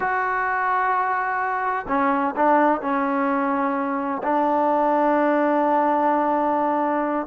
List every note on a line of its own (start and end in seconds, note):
0.00 1.85 F#4
1.87 2.34 C#4
2.36 2.81 D4
2.81 4.22 C#4
4.23 7.27 D4